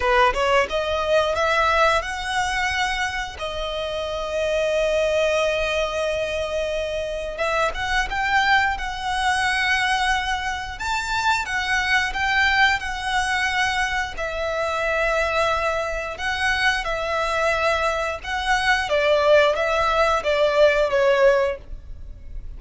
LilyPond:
\new Staff \with { instrumentName = "violin" } { \time 4/4 \tempo 4 = 89 b'8 cis''8 dis''4 e''4 fis''4~ | fis''4 dis''2.~ | dis''2. e''8 fis''8 | g''4 fis''2. |
a''4 fis''4 g''4 fis''4~ | fis''4 e''2. | fis''4 e''2 fis''4 | d''4 e''4 d''4 cis''4 | }